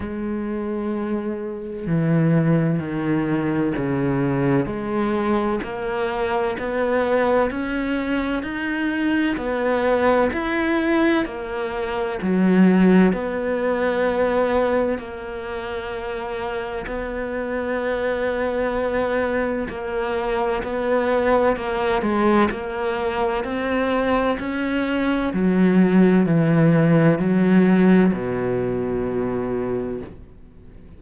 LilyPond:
\new Staff \with { instrumentName = "cello" } { \time 4/4 \tempo 4 = 64 gis2 e4 dis4 | cis4 gis4 ais4 b4 | cis'4 dis'4 b4 e'4 | ais4 fis4 b2 |
ais2 b2~ | b4 ais4 b4 ais8 gis8 | ais4 c'4 cis'4 fis4 | e4 fis4 b,2 | }